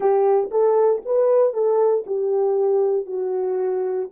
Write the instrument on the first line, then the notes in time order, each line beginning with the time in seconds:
horn
0.00 G4
0.50 A4
1.05 B4
1.53 A4
2.06 G4
3.06 F#4